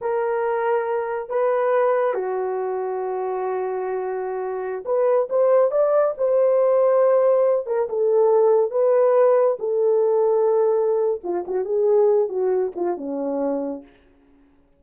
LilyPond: \new Staff \with { instrumentName = "horn" } { \time 4/4 \tempo 4 = 139 ais'2. b'4~ | b'4 fis'2.~ | fis'2.~ fis'16 b'8.~ | b'16 c''4 d''4 c''4.~ c''16~ |
c''4.~ c''16 ais'8 a'4.~ a'16~ | a'16 b'2 a'4.~ a'16~ | a'2 f'8 fis'8 gis'4~ | gis'8 fis'4 f'8 cis'2 | }